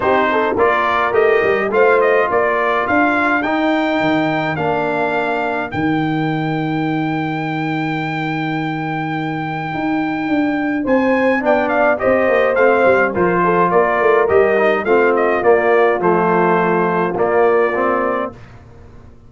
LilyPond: <<
  \new Staff \with { instrumentName = "trumpet" } { \time 4/4 \tempo 4 = 105 c''4 d''4 dis''4 f''8 dis''8 | d''4 f''4 g''2 | f''2 g''2~ | g''1~ |
g''2. gis''4 | g''8 f''8 dis''4 f''4 c''4 | d''4 dis''4 f''8 dis''8 d''4 | c''2 d''2 | }
  \new Staff \with { instrumentName = "horn" } { \time 4/4 g'8 a'8 ais'2 c''4 | ais'1~ | ais'1~ | ais'1~ |
ais'2. c''4 | d''4 c''2 ais'8 a'8 | ais'2 f'2~ | f'1 | }
  \new Staff \with { instrumentName = "trombone" } { \time 4/4 dis'4 f'4 g'4 f'4~ | f'2 dis'2 | d'2 dis'2~ | dis'1~ |
dis'1 | d'4 g'4 c'4 f'4~ | f'4 g'8 dis'8 c'4 ais4 | a2 ais4 c'4 | }
  \new Staff \with { instrumentName = "tuba" } { \time 4/4 c'4 ais4 a8 g8 a4 | ais4 d'4 dis'4 dis4 | ais2 dis2~ | dis1~ |
dis4 dis'4 d'4 c'4 | b4 c'8 ais8 a8 g8 f4 | ais8 a8 g4 a4 ais4 | f2 ais2 | }
>>